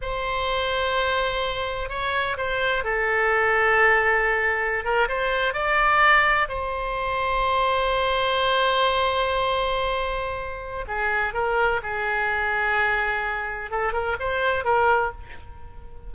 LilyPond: \new Staff \with { instrumentName = "oboe" } { \time 4/4 \tempo 4 = 127 c''1 | cis''4 c''4 a'2~ | a'2~ a'16 ais'8 c''4 d''16~ | d''4.~ d''16 c''2~ c''16~ |
c''1~ | c''2. gis'4 | ais'4 gis'2.~ | gis'4 a'8 ais'8 c''4 ais'4 | }